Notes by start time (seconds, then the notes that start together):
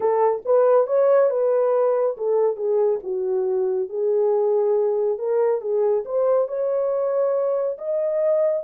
0.00 A4
0.45 B4
0.86 C#5
1.30 B4
2.17 A4
2.56 G#4
3.03 F#4
3.89 G#4
5.18 A#4
5.61 G#4
6.05 C5
6.47 C#5
7.78 D#5